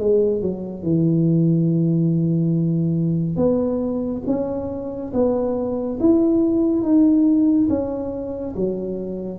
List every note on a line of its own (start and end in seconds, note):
0.00 0.42 G#3
0.42 0.83 F#3
0.83 3.37 E3
3.37 4.23 B3
4.27 5.13 C#4
5.14 5.99 B3
6.00 6.83 E4
6.83 7.69 D#4
7.69 8.55 C#4
8.56 9.40 F#3